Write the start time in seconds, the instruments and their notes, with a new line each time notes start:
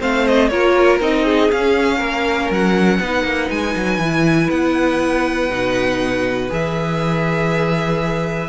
0.00 cello A3, viola C4, violin C5 F5
0.27 violin D#5
0.48 cello A#3, viola F4, violin A#4 C#5
1.00 cello C4, viola D#4, violin D#5
1.25 violin G#4
1.51 cello C#4, viola C#4, violin F5
1.98 cello A#3, violin A#4
2.50 cello F#3, violin F#5
3.00 cello B3, viola D#4, violin B4
3.24 cello A#3
3.50 cello G#3, violin G#5
3.76 cello F#3
3.98 cello E3, viola E4
4.50 cello B3, violin F#5
5.50 cello B2, viola D#4
6.49 cello E3, viola G#4, violin E5